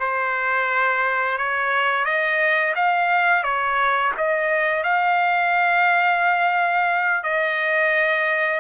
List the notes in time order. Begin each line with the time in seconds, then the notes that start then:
0.00 C5
1.38 C#5
2.05 D#5
2.75 F5
3.43 C#5
4.18 D#5
4.83 F5
7.23 D#5